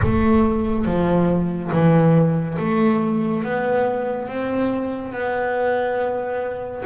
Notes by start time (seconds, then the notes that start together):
0.02 A3
0.85 F3
1.71 E3
2.58 A3
3.43 B3
4.27 C4
5.12 B3